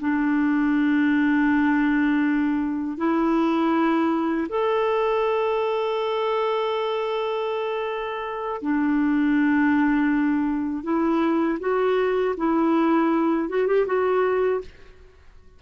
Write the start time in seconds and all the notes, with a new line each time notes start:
0.00 D4
2.98 E4
4.49 A4
8.62 D4
10.83 E4
11.60 F#4
12.37 E4
13.49 F#4
13.67 G4
13.86 F#4